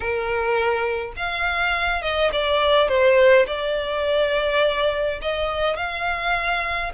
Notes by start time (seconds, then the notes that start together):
0.00 A#4
1.16 F5
2.02 D#5
2.32 D5
2.88 C5
3.46 D5
5.21 D#5
5.76 F5